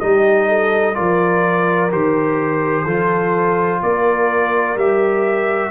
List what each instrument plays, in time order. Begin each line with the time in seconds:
0.00 tuba G3, trombone D#4, horn G4, trumpet D#5
0.48 horn A4
0.94 tuba F3, trombone F4, horn A#4, trumpet D5
1.91 tuba D#3, trombone G4, trumpet C5
2.84 tuba F3, trombone F4, horn A4
3.83 tuba A#3, horn A#4, trumpet D5
4.76 tuba G3, trombone G4, trumpet E5